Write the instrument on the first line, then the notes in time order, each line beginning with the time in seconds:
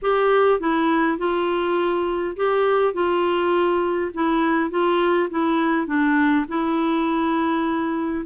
clarinet
0.02 G4
0.59 E4
1.18 F4
2.36 G4
2.93 F4
4.14 E4
4.70 F4
5.30 E4
5.86 D4
6.48 E4